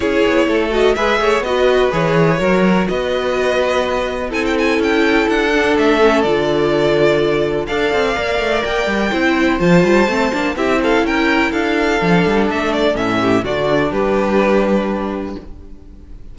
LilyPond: <<
  \new Staff \with { instrumentName = "violin" } { \time 4/4 \tempo 4 = 125 cis''4. dis''8 e''4 dis''4 | cis''2 dis''2~ | dis''4 gis''16 g''16 gis''8 g''4 fis''4 | e''4 d''2. |
f''2 g''2 | a''2 e''8 f''8 g''4 | f''2 e''8 d''8 e''4 | d''4 b'2. | }
  \new Staff \with { instrumentName = "violin" } { \time 4/4 gis'4 a'4 b'8 cis''8 b'4~ | b'4 ais'4 b'2~ | b'4 a'2.~ | a'1 |
d''2. c''4~ | c''2 g'8 a'8 ais'4 | a'2.~ a'8 g'8 | fis'4 g'2. | }
  \new Staff \with { instrumentName = "viola" } { \time 4/4 e'4. fis'8 gis'4 fis'4 | gis'4 fis'2.~ | fis'4 e'2~ e'8 d'8~ | d'8 cis'8 f'2. |
a'4 ais'2 e'4 | f'4 c'8 d'8 e'2~ | e'4 d'2 cis'4 | d'1 | }
  \new Staff \with { instrumentName = "cello" } { \time 4/4 cis'8 b8 a4 gis8 a8 b4 | e4 fis4 b2~ | b4 c'4 cis'4 d'4 | a4 d2. |
d'8 c'8 ais8 a8 ais8 g8 c'4 | f8 g8 a8 ais8 c'4 cis'4 | d'4 f8 g8 a4 a,4 | d4 g2. | }
>>